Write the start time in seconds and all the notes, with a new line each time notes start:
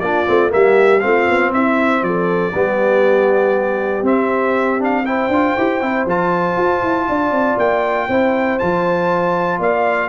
0.00 A#3 D4 F4 D5
0.26 A3 C4
0.50 G3 A#3 G4 E5
1.00 A3 C4 F4 F5
1.28 B3
1.52 C4 E4 E5
2.02 F3 A4 D5
2.54 G3 B3 G4
4.02 C4 E5
4.79 D4 F5
5.04 E4 C5 G5
5.28 D4 F4
5.57 E4 G4
5.82 C4 E4
6.06 F3 F4 A5
6.57 F4
6.83 E4
7.09 D4 D5
7.31 C4
7.57 A#3 G5
8.08 C4 E4 C5
8.59 F3 F4 A5
9.59 A#3 D5 F5